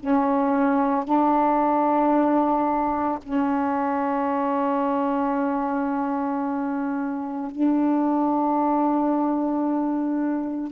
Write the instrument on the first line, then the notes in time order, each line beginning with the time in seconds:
saxophone
0.00 C#4
1.05 D4
3.23 C#4
7.51 D4